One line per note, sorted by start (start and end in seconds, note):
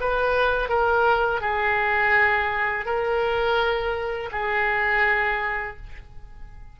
0.00 0.69 B4
0.69 1.41 A#4
1.41 2.85 G#4
2.85 4.29 A#4
4.32 5.76 G#4